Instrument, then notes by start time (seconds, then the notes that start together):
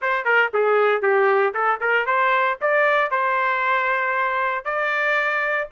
trumpet
0.01 C5
0.24 A#4
0.53 G#4
1.01 G4
1.54 A4
1.80 A#4
2.06 C5
2.61 D5
3.11 C5
4.64 D5